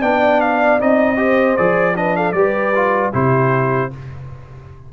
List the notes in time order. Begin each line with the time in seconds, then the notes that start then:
0.00 B3 D4 D5 G5
0.41 F5
0.80 C4 D#4 D#5
1.17 G4 C5
1.57 F3 G#4 D5
1.95 D4 B4 D#5
2.17 A4 F5
2.32 G3 G4 B4 D5
2.75 F4
3.13 C3 E4 G4 C5